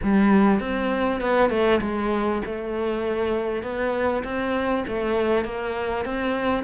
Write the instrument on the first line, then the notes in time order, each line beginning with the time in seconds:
cello
0.02 G3
0.60 C4
1.20 B3
1.50 A3
1.81 G#3
2.45 A3
3.62 B3
4.23 C4
4.87 A3
5.45 A#3
6.05 C4